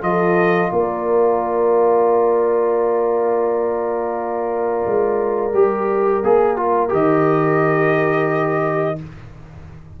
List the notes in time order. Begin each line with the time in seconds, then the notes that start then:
0.00 F3 F4 A4 D#5
0.71 A#3 A#4 D5
4.86 G#3
5.52 G3 G4
6.23 A#3 G#4
6.56 F4
6.88 D#3 G4 D#5